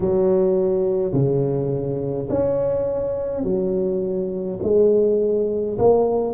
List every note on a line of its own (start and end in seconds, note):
0.00 1.13 F#3
1.13 2.28 C#3
2.29 3.43 C#4
3.43 4.58 F#3
4.62 5.77 G#3
5.78 6.34 A#3